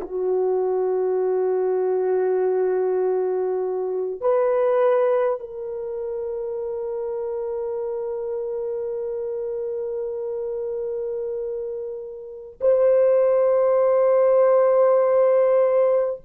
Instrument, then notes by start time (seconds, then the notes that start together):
horn
0.00 F#4
4.20 B4
5.39 A#4
12.61 C5